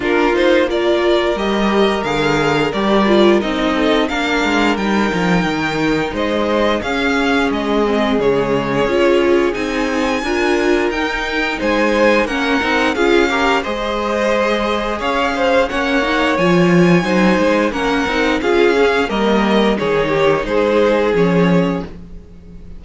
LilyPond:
<<
  \new Staff \with { instrumentName = "violin" } { \time 4/4 \tempo 4 = 88 ais'8 c''8 d''4 dis''4 f''4 | d''4 dis''4 f''4 g''4~ | g''4 dis''4 f''4 dis''4 | cis''2 gis''2 |
g''4 gis''4 fis''4 f''4 | dis''2 f''4 fis''4 | gis''2 fis''4 f''4 | dis''4 cis''4 c''4 cis''4 | }
  \new Staff \with { instrumentName = "violin" } { \time 4/4 f'4 ais'2.~ | ais'4. a'8 ais'2~ | ais'4 c''4 gis'2~ | gis'2. ais'4~ |
ais'4 c''4 ais'4 gis'8 ais'8 | c''2 cis''8 c''8 cis''4~ | cis''4 c''4 ais'4 gis'4 | ais'4 gis'8 g'8 gis'2 | }
  \new Staff \with { instrumentName = "viola" } { \time 4/4 d'8 dis'8 f'4 g'4 gis'4 | g'8 f'8 dis'4 d'4 dis'4~ | dis'2 cis'4. c'8 | gis4 f'4 dis'4 f'4 |
dis'2 cis'8 dis'8 f'8 g'8 | gis'2. cis'8 dis'8 | f'4 dis'4 cis'8 dis'8 f'8 cis'8 | ais4 dis'2 cis'4 | }
  \new Staff \with { instrumentName = "cello" } { \time 4/4 ais2 g4 d4 | g4 c'4 ais8 gis8 g8 f8 | dis4 gis4 cis'4 gis4 | cis4 cis'4 c'4 d'4 |
dis'4 gis4 ais8 c'8 cis'4 | gis2 cis'4 ais4 | f4 fis8 gis8 ais8 c'8 cis'4 | g4 dis4 gis4 f4 | }
>>